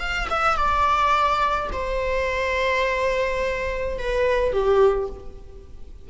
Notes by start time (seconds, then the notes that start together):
0.00 F5
0.30 E5
0.57 D5
1.73 C5
3.99 B4
4.53 G4